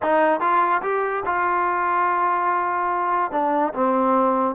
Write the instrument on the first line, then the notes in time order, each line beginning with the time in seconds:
trombone
0.02 D#4
0.40 F4
0.82 G4
1.25 F4
3.31 D4
3.74 C4